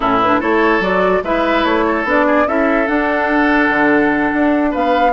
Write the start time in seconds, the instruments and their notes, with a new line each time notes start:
0.00 bassoon A2, clarinet C#4, oboe E4, flute A4
0.21 clarinet D4, flute B4
0.40 bassoon A3, clarinet E4, oboe A4, flute C#5
0.79 bassoon F#3, clarinet F#4, flute D5
1.22 bassoon G#3, clarinet E4, oboe B4, flute E5
1.64 bassoon A3, flute C#5
1.86 oboe A4
2.04 bassoon B3, clarinet D4, flute D5
2.26 oboe G#4
2.46 bassoon C#4, clarinet E4, oboe A4, flute E5
2.86 clarinet D4, bassoon D4, flute F#5
3.69 bassoon D3
4.33 bassoon D4
4.70 bassoon B3, oboe B4, flute F5